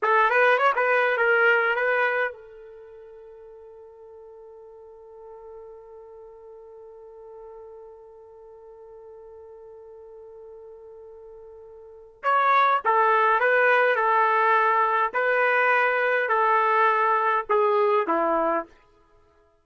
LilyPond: \new Staff \with { instrumentName = "trumpet" } { \time 4/4 \tempo 4 = 103 a'8 b'8 cis''16 b'8. ais'4 b'4 | a'1~ | a'1~ | a'1~ |
a'1~ | a'4 cis''4 a'4 b'4 | a'2 b'2 | a'2 gis'4 e'4 | }